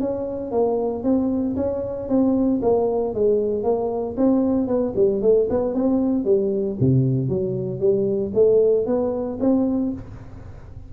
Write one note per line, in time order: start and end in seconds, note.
0.00 0.51 C#4
0.51 1.03 A#3
1.03 1.56 C4
1.56 2.08 C#4
2.08 2.60 C4
2.62 3.14 A#3
3.14 3.63 G#3
3.63 4.15 A#3
4.17 4.67 C4
4.67 4.93 B3
4.96 5.22 G3
5.22 5.48 A3
5.50 5.74 B3
5.74 6.24 C4
6.24 6.77 G3
6.80 7.29 C3
7.29 7.80 F#3
7.80 8.32 G3
8.34 8.86 A3
8.86 9.38 B3
9.40 9.92 C4